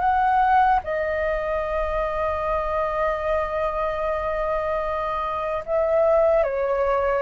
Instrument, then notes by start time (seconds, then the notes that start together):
flute
0.00 F#5
0.84 D#5
5.66 E5
6.44 C#5